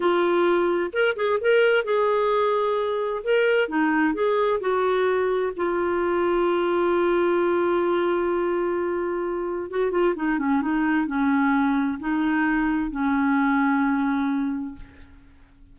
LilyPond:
\new Staff \with { instrumentName = "clarinet" } { \time 4/4 \tempo 4 = 130 f'2 ais'8 gis'8 ais'4 | gis'2. ais'4 | dis'4 gis'4 fis'2 | f'1~ |
f'1~ | f'4 fis'8 f'8 dis'8 cis'8 dis'4 | cis'2 dis'2 | cis'1 | }